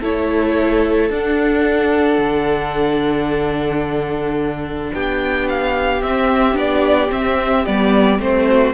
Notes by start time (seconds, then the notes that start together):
0.00 A3 E4 A4 C#5
1.09 D4 F#5
2.18 D3
4.93 B3 G4 G5
5.49 F5
6.01 C4 E5
6.53 B3 D4 D5
7.09 C4 E5
7.65 G3 B3 D5
8.19 A3 C4 C5
8.47 F#4